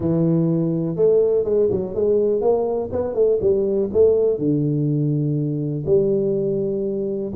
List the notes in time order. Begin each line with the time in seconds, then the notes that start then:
0.00 E3
0.96 A3
1.44 G#3
1.71 F#3
1.94 G#3
2.41 A#3
2.92 B3
3.14 A3
3.41 G3
3.93 A3
4.38 D3
5.86 G3